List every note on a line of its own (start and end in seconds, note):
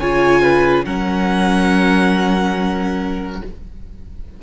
0.00 0.85 C#3
0.00 0.86 F4
0.00 0.42 C#5
0.00 0.86 G#5
0.42 0.85 B4
0.85 3.42 F#3
0.85 3.43 C#4
0.85 3.43 A#4
0.85 3.43 F#5